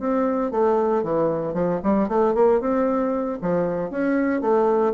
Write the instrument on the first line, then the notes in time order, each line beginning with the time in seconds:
bassoon
0.00 C4
0.51 A3
1.03 E3
1.54 F3
1.83 G3
2.08 A3
2.35 A#3
2.60 C4
3.42 F3
3.91 C#4
4.42 A3